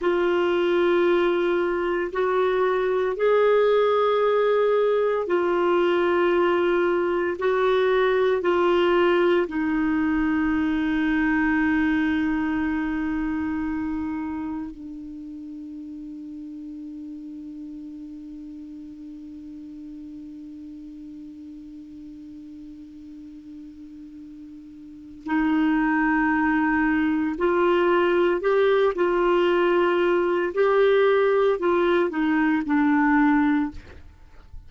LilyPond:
\new Staff \with { instrumentName = "clarinet" } { \time 4/4 \tempo 4 = 57 f'2 fis'4 gis'4~ | gis'4 f'2 fis'4 | f'4 dis'2.~ | dis'2 d'2~ |
d'1~ | d'1 | dis'2 f'4 g'8 f'8~ | f'4 g'4 f'8 dis'8 d'4 | }